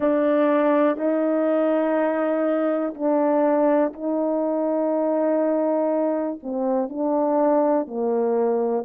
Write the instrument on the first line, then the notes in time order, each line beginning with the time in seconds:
horn
0.00 D4
0.97 D#4
2.94 D4
3.93 D#4
6.42 C4
6.89 D4
7.87 A#3